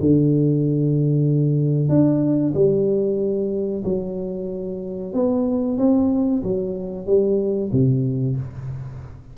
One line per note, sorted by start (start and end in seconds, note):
0.00 1.89 D3
1.89 2.53 D4
2.54 3.83 G3
3.84 5.13 F#3
5.13 5.78 B3
5.78 6.42 C4
6.43 7.06 F#3
7.06 7.71 G3
7.72 8.36 C3